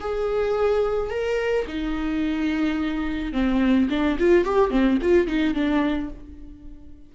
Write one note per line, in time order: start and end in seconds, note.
0.00 1.10 G#4
1.10 1.65 A#4
1.67 3.32 D#4
3.32 3.88 C4
3.90 4.17 D4
4.18 4.44 F4
4.44 4.70 G4
4.70 4.98 C4
5.01 5.27 F4
5.27 5.54 D#4
5.54 6.09 D4